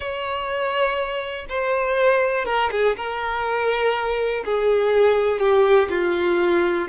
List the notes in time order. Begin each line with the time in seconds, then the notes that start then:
0.00 C#5
1.49 C5
2.45 A#4
2.71 G#4
2.96 A#4
4.45 G#4
5.39 G4
5.89 F4